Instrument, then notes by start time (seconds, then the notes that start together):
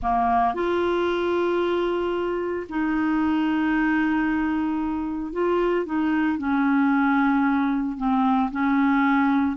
clarinet
0.02 A#3
0.54 F4
2.69 D#4
5.32 F4
5.85 D#4
6.37 C#4
7.97 C4
8.51 C#4